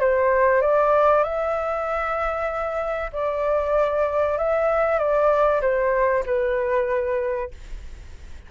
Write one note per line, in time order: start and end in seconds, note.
0.00 0.62 C5
0.62 1.23 D5
1.23 3.11 E5
3.13 4.38 D5
4.38 4.99 E5
4.99 5.61 D5
5.61 6.24 C5
6.26 7.51 B4